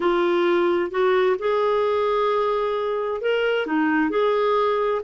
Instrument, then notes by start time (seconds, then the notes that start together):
clarinet
0.00 F4
0.90 F#4
1.38 G#4
3.21 A#4
3.66 D#4
4.10 G#4